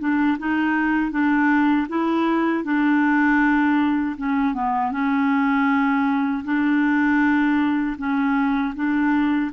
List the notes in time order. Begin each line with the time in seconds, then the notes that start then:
0.00 D4
0.39 D#4
1.11 D4
1.89 E4
2.64 D4
4.17 C#4
4.54 B3
4.92 C#4
6.45 D4
7.98 C#4
8.75 D4